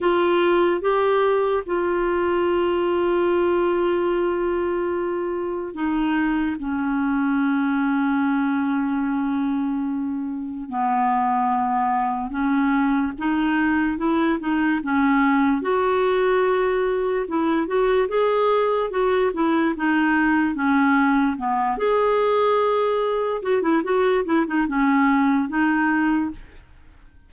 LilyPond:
\new Staff \with { instrumentName = "clarinet" } { \time 4/4 \tempo 4 = 73 f'4 g'4 f'2~ | f'2. dis'4 | cis'1~ | cis'4 b2 cis'4 |
dis'4 e'8 dis'8 cis'4 fis'4~ | fis'4 e'8 fis'8 gis'4 fis'8 e'8 | dis'4 cis'4 b8 gis'4.~ | gis'8 fis'16 e'16 fis'8 e'16 dis'16 cis'4 dis'4 | }